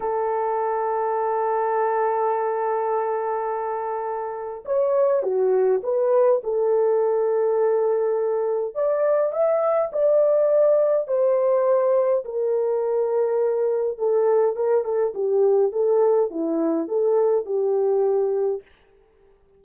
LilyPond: \new Staff \with { instrumentName = "horn" } { \time 4/4 \tempo 4 = 103 a'1~ | a'1 | cis''4 fis'4 b'4 a'4~ | a'2. d''4 |
e''4 d''2 c''4~ | c''4 ais'2. | a'4 ais'8 a'8 g'4 a'4 | e'4 a'4 g'2 | }